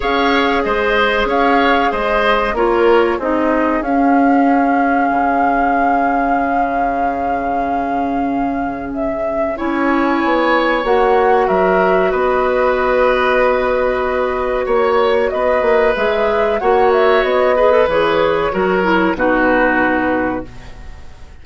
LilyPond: <<
  \new Staff \with { instrumentName = "flute" } { \time 4/4 \tempo 4 = 94 f''4 dis''4 f''4 dis''4 | cis''4 dis''4 f''2~ | f''1~ | f''2 e''4 gis''4~ |
gis''4 fis''4 e''4 dis''4~ | dis''2. cis''4 | dis''4 e''4 fis''8 e''8 dis''4 | cis''2 b'2 | }
  \new Staff \with { instrumentName = "oboe" } { \time 4/4 cis''4 c''4 cis''4 c''4 | ais'4 gis'2.~ | gis'1~ | gis'2. cis''4~ |
cis''2 ais'4 b'4~ | b'2. cis''4 | b'2 cis''4. b'8~ | b'4 ais'4 fis'2 | }
  \new Staff \with { instrumentName = "clarinet" } { \time 4/4 gis'1 | f'4 dis'4 cis'2~ | cis'1~ | cis'2. e'4~ |
e'4 fis'2.~ | fis'1~ | fis'4 gis'4 fis'4. gis'16 a'16 | gis'4 fis'8 e'8 dis'2 | }
  \new Staff \with { instrumentName = "bassoon" } { \time 4/4 cis'4 gis4 cis'4 gis4 | ais4 c'4 cis'2 | cis1~ | cis2. cis'4 |
b4 ais4 fis4 b4~ | b2. ais4 | b8 ais8 gis4 ais4 b4 | e4 fis4 b,2 | }
>>